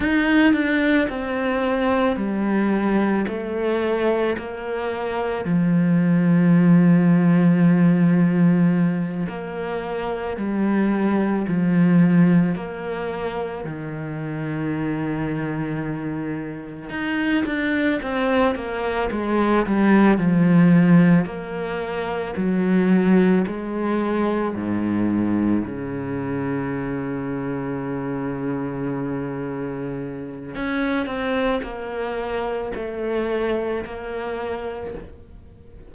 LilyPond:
\new Staff \with { instrumentName = "cello" } { \time 4/4 \tempo 4 = 55 dis'8 d'8 c'4 g4 a4 | ais4 f2.~ | f8 ais4 g4 f4 ais8~ | ais8 dis2. dis'8 |
d'8 c'8 ais8 gis8 g8 f4 ais8~ | ais8 fis4 gis4 gis,4 cis8~ | cis1 | cis'8 c'8 ais4 a4 ais4 | }